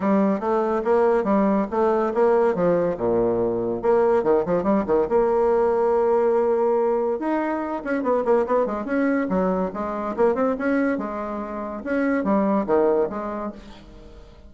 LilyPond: \new Staff \with { instrumentName = "bassoon" } { \time 4/4 \tempo 4 = 142 g4 a4 ais4 g4 | a4 ais4 f4 ais,4~ | ais,4 ais4 dis8 f8 g8 dis8 | ais1~ |
ais4 dis'4. cis'8 b8 ais8 | b8 gis8 cis'4 fis4 gis4 | ais8 c'8 cis'4 gis2 | cis'4 g4 dis4 gis4 | }